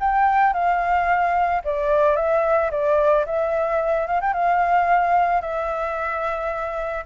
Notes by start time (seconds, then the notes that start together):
0.00 G5
0.53 F5
1.64 D5
2.16 E5
2.71 D5
3.26 E5
4.07 F5
4.21 G5
4.33 F5
5.41 E5